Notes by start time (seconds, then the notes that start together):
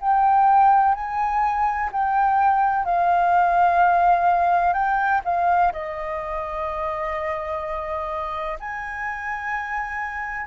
0.00 G5
0.94 G#5
1.92 G5
2.85 F5
4.73 G5
5.24 F5
5.72 D#5
8.59 G#5